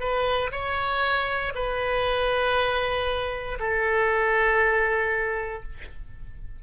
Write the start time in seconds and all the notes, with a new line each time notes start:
0.00 B4
0.52 C#5
1.55 B4
3.60 A4